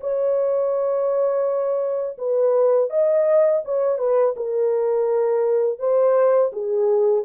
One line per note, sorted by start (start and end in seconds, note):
0.00 2.17 C#5
2.18 2.89 B4
2.89 3.62 D#5
3.64 3.98 C#5
3.98 4.34 B4
4.36 5.79 A#4
5.79 6.51 C5
6.52 7.24 G#4